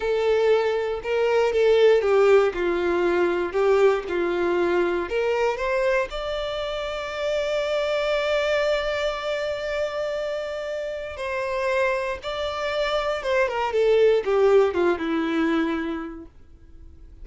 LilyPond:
\new Staff \with { instrumentName = "violin" } { \time 4/4 \tempo 4 = 118 a'2 ais'4 a'4 | g'4 f'2 g'4 | f'2 ais'4 c''4 | d''1~ |
d''1~ | d''2 c''2 | d''2 c''8 ais'8 a'4 | g'4 f'8 e'2~ e'8 | }